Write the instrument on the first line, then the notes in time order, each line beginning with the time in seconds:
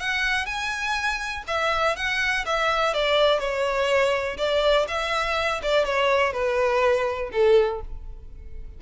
violin
0.00 F#5
0.46 G#5
1.48 E5
1.96 F#5
2.46 E5
2.94 D5
3.39 C#5
4.37 D5
4.88 E5
5.63 D5
5.85 C#5
6.33 B4
7.32 A4